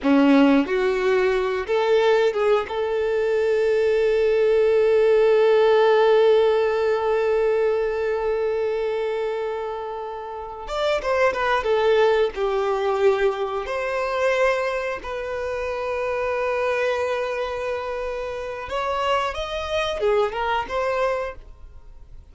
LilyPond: \new Staff \with { instrumentName = "violin" } { \time 4/4 \tempo 4 = 90 cis'4 fis'4. a'4 gis'8 | a'1~ | a'1~ | a'1 |
d''8 c''8 b'8 a'4 g'4.~ | g'8 c''2 b'4.~ | b'1 | cis''4 dis''4 gis'8 ais'8 c''4 | }